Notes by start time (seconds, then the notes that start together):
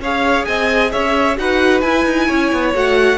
0.00 C#4 G#4 C#5 F5
0.45 C4 D#5 G#5
0.92 C#4 C#5 E5
1.37 D#4 F#4 B4 F#5
1.81 E4 G#5
2.04 D#4
2.27 C#4 C#5
2.52 B3
2.74 A3 F#4 F#5